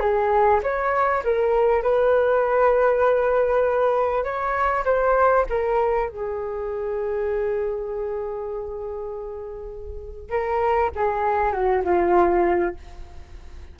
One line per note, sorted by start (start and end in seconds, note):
0.00 0.61 G#4
0.63 1.24 C#5
1.24 1.83 A#4
1.83 4.24 B4
4.24 4.85 C#5
4.85 5.46 C5
5.49 6.09 A#4
6.09 10.30 G#4
10.30 10.91 A#4
10.96 11.52 G#4
11.52 11.83 F#4
11.84 12.75 F4